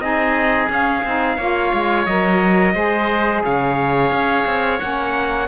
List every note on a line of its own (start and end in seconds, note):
0.00 0.68 C4
0.00 0.70 D#4
0.00 1.37 G#4
0.00 0.68 D#5
0.70 1.04 C#4
0.70 2.06 F5
1.05 1.38 C4
1.05 1.39 D#4
1.37 1.72 A#3
1.37 2.08 F4
1.37 2.73 C#5
1.74 2.06 G#3
2.06 2.75 F#3
2.06 2.74 A#4
2.06 3.42 D#5
2.74 3.43 G#3
2.74 4.79 G#4
2.74 3.43 C5
3.44 4.11 C#3
3.44 5.48 C#5
3.44 4.80 F5
4.11 4.45 C#4
4.46 4.80 C4
4.80 5.48 A#3
4.80 5.48 C#4
4.80 5.48 F#5